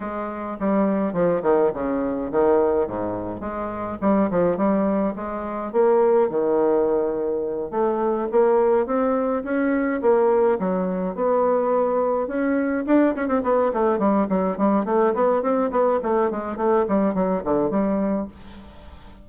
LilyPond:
\new Staff \with { instrumentName = "bassoon" } { \time 4/4 \tempo 4 = 105 gis4 g4 f8 dis8 cis4 | dis4 gis,4 gis4 g8 f8 | g4 gis4 ais4 dis4~ | dis4. a4 ais4 c'8~ |
c'8 cis'4 ais4 fis4 b8~ | b4. cis'4 d'8 cis'16 c'16 b8 | a8 g8 fis8 g8 a8 b8 c'8 b8 | a8 gis8 a8 g8 fis8 d8 g4 | }